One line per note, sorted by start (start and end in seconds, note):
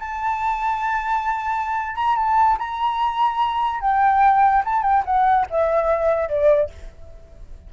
0.00 1.96 A5
1.96 2.16 A#5
2.16 2.58 A5
2.59 3.81 A#5
3.81 4.63 G5
4.65 4.83 A5
4.83 5.04 G5
5.05 5.47 F#5
5.50 6.29 E5
6.29 6.71 D5